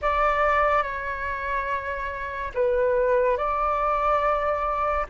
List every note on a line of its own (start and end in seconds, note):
0.01 0.82 D5
0.82 2.51 C#5
2.54 3.36 B4
3.36 5.06 D5